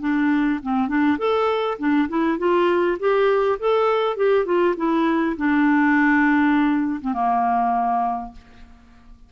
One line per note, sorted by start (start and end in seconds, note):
0.00 0.59 D4
0.63 0.88 C4
0.88 1.18 D4
1.18 1.77 A4
1.78 2.08 D4
2.08 2.38 E4
2.38 2.98 F4
2.99 3.58 G4
3.59 4.16 A4
4.16 4.45 G4
4.45 4.75 F4
4.77 5.36 E4
5.37 7.00 D4
7.01 7.13 C4
7.13 8.32 A#3